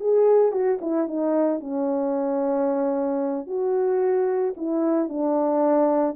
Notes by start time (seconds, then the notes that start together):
0.00 G#4
0.52 F#4
0.81 E4
1.08 D#4
1.60 C#4
3.47 F#4
4.57 E4
5.09 D4